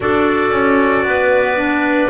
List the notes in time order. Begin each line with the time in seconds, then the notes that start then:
0.00 D4 F#4 A4 D5
0.50 C#4
1.02 B3 B4
1.56 D4